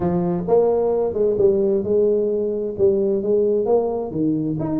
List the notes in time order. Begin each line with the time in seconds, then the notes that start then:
0.00 F3
0.47 A#3
1.13 G#3
1.37 G3
1.83 G#3
2.78 G3
3.22 G#3
3.65 A#3
4.11 D#3
4.59 D#4